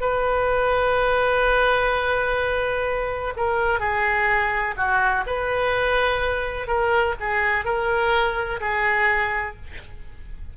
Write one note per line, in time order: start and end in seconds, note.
0.00 3.33 B4
3.36 3.79 A#4
3.79 4.74 G#4
4.77 5.24 F#4
5.26 6.67 B4
6.67 7.14 A#4
7.19 7.65 G#4
7.65 8.60 A#4
8.60 9.55 G#4